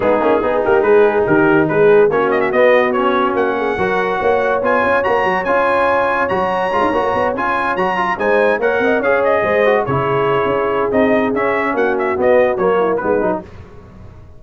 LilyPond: <<
  \new Staff \with { instrumentName = "trumpet" } { \time 4/4 \tempo 4 = 143 gis'4. ais'8 b'4 ais'4 | b'4 cis''8 dis''16 e''16 dis''4 cis''4 | fis''2. gis''4 | ais''4 gis''2 ais''4~ |
ais''4. gis''4 ais''4 gis''8~ | gis''8 fis''4 f''8 dis''4. cis''8~ | cis''2 dis''4 e''4 | fis''8 e''8 dis''4 cis''4 b'4 | }
  \new Staff \with { instrumentName = "horn" } { \time 4/4 dis'4 gis'8 g'8 gis'4 g'4 | gis'4 fis'2.~ | fis'8 gis'8 ais'4 cis''2~ | cis''1~ |
cis''2.~ cis''8 c''8~ | c''8 cis''8 dis''8 cis''4 c''4 gis'8~ | gis'1 | fis'2~ fis'8 e'8 dis'4 | }
  \new Staff \with { instrumentName = "trombone" } { \time 4/4 b8 cis'8 dis'2.~ | dis'4 cis'4 b4 cis'4~ | cis'4 fis'2 f'4 | fis'4 f'2 fis'4 |
f'8 fis'4 f'4 fis'8 f'8 dis'8~ | dis'8 ais'4 gis'4. fis'8 e'8~ | e'2 dis'4 cis'4~ | cis'4 b4 ais4 b8 dis'8 | }
  \new Staff \with { instrumentName = "tuba" } { \time 4/4 gis8 ais8 b8 ais8 gis4 dis4 | gis4 ais4 b2 | ais4 fis4 ais4 b8 cis'8 | ais8 fis8 cis'2 fis4 |
gis16 dis'16 ais8 b8 cis'4 fis4 gis8~ | gis8 ais8 c'8 cis'4 gis4 cis8~ | cis4 cis'4 c'4 cis'4 | ais4 b4 fis4 gis8 fis8 | }
>>